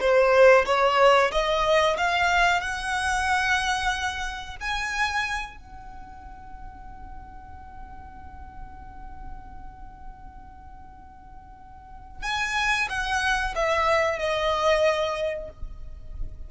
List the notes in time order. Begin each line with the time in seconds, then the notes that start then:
0.00 C5
0.66 C#5
1.31 D#5
1.97 F5
2.61 F#5
4.60 G#5
5.57 F#5
12.23 G#5
12.89 F#5
13.55 E5
14.19 D#5